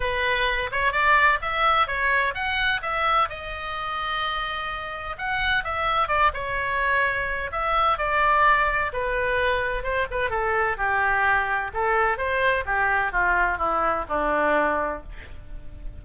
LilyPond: \new Staff \with { instrumentName = "oboe" } { \time 4/4 \tempo 4 = 128 b'4. cis''8 d''4 e''4 | cis''4 fis''4 e''4 dis''4~ | dis''2. fis''4 | e''4 d''8 cis''2~ cis''8 |
e''4 d''2 b'4~ | b'4 c''8 b'8 a'4 g'4~ | g'4 a'4 c''4 g'4 | f'4 e'4 d'2 | }